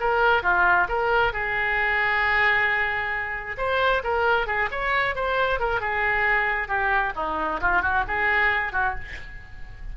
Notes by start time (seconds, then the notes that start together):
0.00 A#4
0.43 F4
0.89 A#4
1.33 G#4
3.58 C5
4.04 A#4
4.47 G#4
4.72 C#5
5.16 C5
5.60 A#4
5.81 G#4
6.68 G4
7.16 D#4
7.61 F4
7.82 F#4
8.08 G#4
8.73 F#4